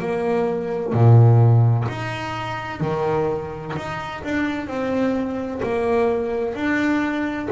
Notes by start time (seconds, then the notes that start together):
0.00 A#3
0.93 A#2
1.88 D#4
2.81 D#3
3.76 D#4
4.24 D4
4.67 C4
5.63 A#3
6.55 D4